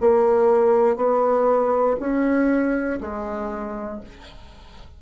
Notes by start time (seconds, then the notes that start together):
0.00 A#3
0.96 B3
1.99 C#4
3.00 G#3